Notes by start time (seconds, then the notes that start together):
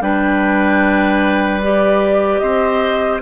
0.00 G3 D4 B4 G5
1.62 G4 D5
2.38 C4 C5 D#5